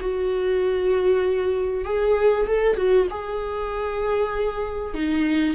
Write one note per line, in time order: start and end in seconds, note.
0.00 1.84 F#4
1.84 2.46 G#4
2.47 2.76 A4
2.76 3.07 F#4
3.10 4.94 G#4
4.94 5.55 D#4